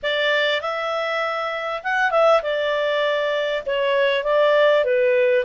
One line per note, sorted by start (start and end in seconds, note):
0.02 0.61 D5
0.61 1.82 E5
1.83 2.10 F#5
2.10 2.41 E5
2.42 3.63 D5
3.66 4.23 C#5
4.23 4.84 D5
4.84 5.45 B4